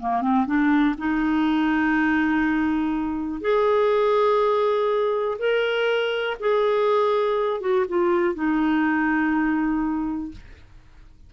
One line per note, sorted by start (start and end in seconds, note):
0.00 0.22 A#3
0.22 0.46 C4
0.46 0.96 D4
0.98 3.41 D#4
3.41 5.38 G#4
5.39 6.37 A#4
6.40 7.61 G#4
7.61 7.86 F#4
7.88 8.35 F4
8.35 10.32 D#4